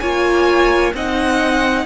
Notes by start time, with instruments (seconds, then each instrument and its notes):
0.00 cello A#3, viola F4, violin C#5 G#5
0.94 cello C4, viola D#4, violin D#5 F#5